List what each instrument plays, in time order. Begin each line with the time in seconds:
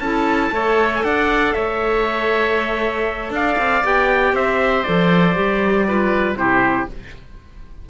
0.00 cello C#4, clarinet E4, oboe A4, trumpet A5
0.52 cello A3, clarinet A4, oboe C#5
0.95 trumpet G#5
1.04 cello D4, oboe D5, trumpet F#5
1.54 cello A3, oboe C#5, trumpet E5
3.31 cello D4, oboe D5, trumpet F5
3.59 cello C4
3.85 cello B3, clarinet G4, trumpet G5
4.33 cello C4, oboe C5, trumpet E5
4.84 cello F3, clarinet A4, trumpet D5
5.35 cello G3, clarinet G4
5.88 clarinet F4, oboe B4
6.35 cello C3, clarinet E4, oboe G4, trumpet C5